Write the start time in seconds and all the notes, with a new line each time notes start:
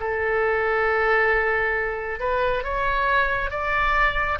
0.00 A4
2.19 B4
2.64 C#5
3.50 D5